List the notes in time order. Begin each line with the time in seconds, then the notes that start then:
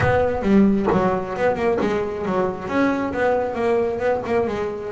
0.00 B3
0.42 G3
0.92 F#3
1.36 B3
1.55 A#3
1.80 G#3
2.25 F#3
2.68 C#4
3.13 B3
3.54 A#3
3.99 B3
4.26 A#3
4.47 G#3